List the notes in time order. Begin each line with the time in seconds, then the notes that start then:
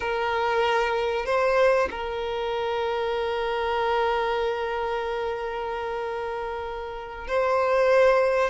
0.00 A#4
1.25 C5
1.91 A#4
7.27 C5